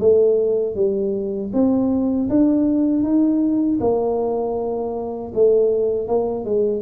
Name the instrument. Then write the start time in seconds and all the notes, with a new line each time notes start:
tuba
0.00 A3
0.76 G3
1.53 C4
2.30 D4
3.03 D#4
3.81 A#3
5.35 A3
6.08 A#3
6.45 G#3